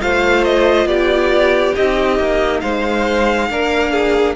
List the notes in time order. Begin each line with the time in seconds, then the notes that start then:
0.00 A3 F4 C5 F5
0.43 D#5
0.85 B3 G4 D5
1.76 C4 D#4 D#5
2.18 A#3
2.60 G#3 C5 F5
3.49 A#3 D4 A#4
3.92 G#4